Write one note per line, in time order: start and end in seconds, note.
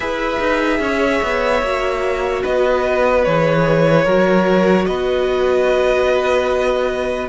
0.00 0.39 E4
0.00 1.62 G#4
0.00 0.79 B4
0.00 2.43 E5
0.40 0.79 D#4
0.79 1.20 C#4
0.79 2.43 C#5
1.23 1.62 B3
1.62 2.43 A#3
1.62 3.25 F#4
2.43 3.26 B3
2.43 4.04 B4
2.43 3.24 D#5
3.24 4.05 E3
3.24 4.07 G#4
3.24 4.85 C#5
4.04 4.86 F#3
4.04 7.28 F#4
4.04 4.85 A#4
4.85 7.28 B3
4.85 7.28 B4
4.85 7.28 D#5